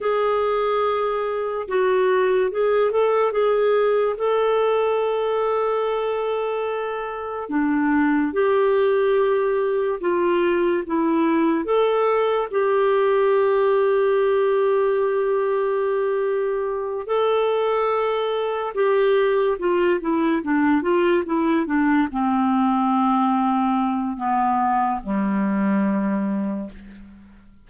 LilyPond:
\new Staff \with { instrumentName = "clarinet" } { \time 4/4 \tempo 4 = 72 gis'2 fis'4 gis'8 a'8 | gis'4 a'2.~ | a'4 d'4 g'2 | f'4 e'4 a'4 g'4~ |
g'1~ | g'8 a'2 g'4 f'8 | e'8 d'8 f'8 e'8 d'8 c'4.~ | c'4 b4 g2 | }